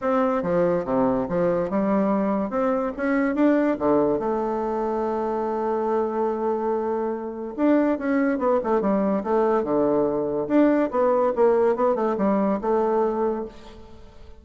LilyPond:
\new Staff \with { instrumentName = "bassoon" } { \time 4/4 \tempo 4 = 143 c'4 f4 c4 f4 | g2 c'4 cis'4 | d'4 d4 a2~ | a1~ |
a2 d'4 cis'4 | b8 a8 g4 a4 d4~ | d4 d'4 b4 ais4 | b8 a8 g4 a2 | }